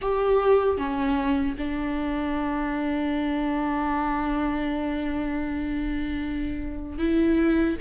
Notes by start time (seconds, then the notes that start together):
0.01 G4
0.77 C#4
1.57 D4
6.98 E4